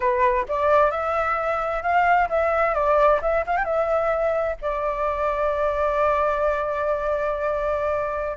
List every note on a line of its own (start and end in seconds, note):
0.00 0.45 B4
0.48 0.90 D5
0.90 1.82 E5
1.82 2.28 F5
2.29 2.74 E5
2.74 3.20 D5
3.21 3.44 E5
3.46 3.56 F5
3.56 3.64 G5
3.64 4.56 E5
4.61 8.37 D5